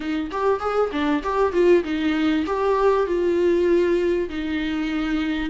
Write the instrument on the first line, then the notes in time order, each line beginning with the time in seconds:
viola
0.00 D#4
0.31 G4
0.60 G#4
0.92 D4
1.23 G4
1.53 F4
1.84 D#4
2.46 G4
3.06 F4
4.29 D#4